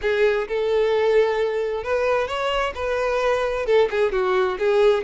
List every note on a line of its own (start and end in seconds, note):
0.01 0.47 G#4
0.48 1.83 A4
1.83 2.27 B4
2.27 2.73 C#5
2.75 3.66 B4
3.66 3.88 A4
3.90 4.12 G#4
4.12 4.58 F#4
4.58 5.03 G#4